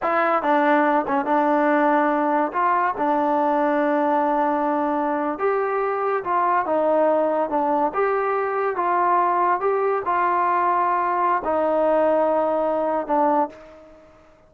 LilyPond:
\new Staff \with { instrumentName = "trombone" } { \time 4/4 \tempo 4 = 142 e'4 d'4. cis'8 d'4~ | d'2 f'4 d'4~ | d'1~ | d'8. g'2 f'4 dis'16~ |
dis'4.~ dis'16 d'4 g'4~ g'16~ | g'8. f'2 g'4 f'16~ | f'2. dis'4~ | dis'2. d'4 | }